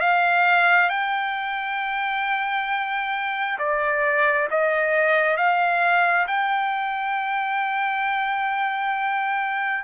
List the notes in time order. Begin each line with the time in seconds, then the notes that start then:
0.00 F5
0.89 G5
3.59 D5
4.51 D#5
5.37 F5
6.27 G5